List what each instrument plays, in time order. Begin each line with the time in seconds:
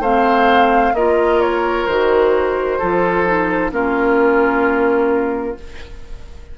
0.00 bassoon A3, clarinet C4, oboe C5, flute F5
0.93 bassoon A#3, clarinet F4, oboe A#4, flute D#5
1.41 flute C#5
1.87 bassoon D#3, clarinet F#4, flute C5
2.79 bassoon F3, clarinet F4, oboe A4
3.26 clarinet D#4
3.71 bassoon A#3, clarinet C#4, oboe F4, flute A#4